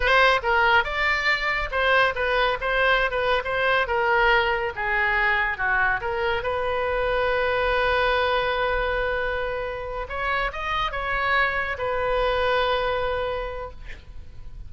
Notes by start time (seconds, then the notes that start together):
0.00 C5
0.42 A#4
0.84 D5
1.71 C5
2.15 B4
2.60 C5
3.10 B4
3.44 C5
3.87 A#4
4.75 G#4
5.57 F#4
6.01 A#4
6.42 B4
10.08 C#5
10.52 D#5
10.91 C#5
11.78 B4